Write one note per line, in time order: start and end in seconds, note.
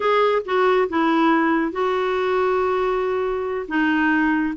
0.00 0.42 G#4
0.45 0.88 F#4
0.89 1.72 E4
1.72 3.66 F#4
3.68 4.54 D#4